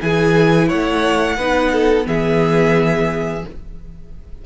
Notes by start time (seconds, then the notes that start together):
0.00 E3 E4 G#4 G#5
0.68 A3 C#5 F#5
1.38 B3 D#4 B4
1.72 A4
2.04 E3 B3 G#4 E5